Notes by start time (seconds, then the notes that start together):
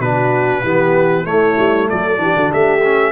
0.00 B2 D4 F#4 B4
0.62 E3 B3 G4
1.25 A3 E4 C#5
1.58 G3
1.89 F#3 A4 D5
2.18 E3 D4 G4
2.36 D3 F#4
2.51 A3 G4 E5
2.84 C#4